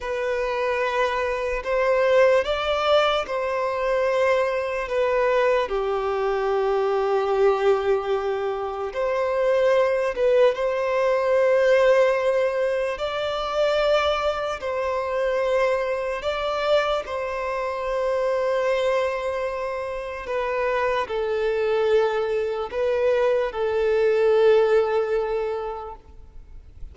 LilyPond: \new Staff \with { instrumentName = "violin" } { \time 4/4 \tempo 4 = 74 b'2 c''4 d''4 | c''2 b'4 g'4~ | g'2. c''4~ | c''8 b'8 c''2. |
d''2 c''2 | d''4 c''2.~ | c''4 b'4 a'2 | b'4 a'2. | }